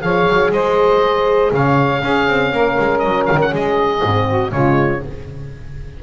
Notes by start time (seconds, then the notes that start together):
0.00 F3 G#4 C#5 F5
0.28 F#3
0.51 G#3 C5 D#5
1.52 C#3 C#5 F5
2.01 C#4 G#4
2.27 C4
2.52 A#3 A#4
2.78 G#3
2.98 F#3 D#5
3.26 D#3 F5
3.41 F#5
3.50 G#3 G#4 D#5
4.03 G#2 C4
4.27 F#4
4.50 C#3 G#3 F4 C#5